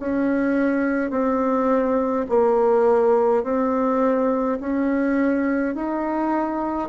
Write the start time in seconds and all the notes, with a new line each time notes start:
0.00 C#4
1.11 C4
2.29 A#3
3.44 C4
4.60 C#4
5.75 D#4